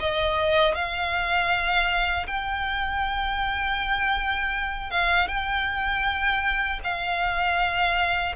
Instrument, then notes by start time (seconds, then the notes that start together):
violin
0.00 D#5
0.75 F5
2.27 G5
4.91 F5
5.28 G5
6.84 F5